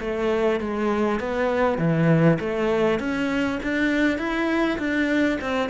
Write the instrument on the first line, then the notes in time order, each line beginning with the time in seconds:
cello
0.00 A3
0.60 G#3
1.20 B3
1.78 E3
2.39 A3
2.99 C#4
3.63 D4
4.18 E4
4.79 D4
5.41 C4